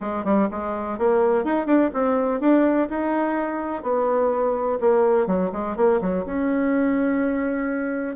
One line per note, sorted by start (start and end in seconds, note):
0.00 0.24 G#3
0.24 0.48 G3
0.50 0.98 G#3
0.98 1.44 A#3
1.44 1.66 D#4
1.66 1.90 D4
1.93 2.40 C4
2.40 2.88 D4
2.89 3.82 D#4
3.82 4.78 B3
4.80 5.26 A#3
5.26 5.50 F#3
5.52 5.76 G#3
5.76 6.00 A#3
6.01 6.25 F#3
6.25 8.16 C#4